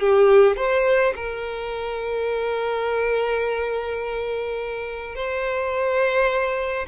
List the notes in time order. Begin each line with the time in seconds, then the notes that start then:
0.00 G4
0.57 C5
1.16 A#4
5.15 C5